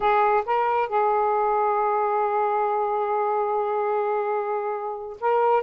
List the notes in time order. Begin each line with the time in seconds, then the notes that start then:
0.00 G#4
0.45 A#4
0.88 G#4
5.20 A#4